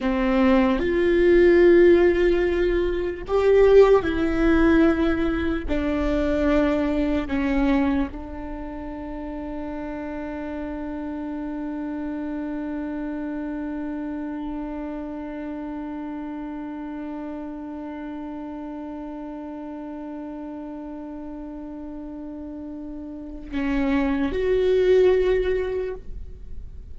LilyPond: \new Staff \with { instrumentName = "viola" } { \time 4/4 \tempo 4 = 74 c'4 f'2. | g'4 e'2 d'4~ | d'4 cis'4 d'2~ | d'1~ |
d'1~ | d'1~ | d'1~ | d'4 cis'4 fis'2 | }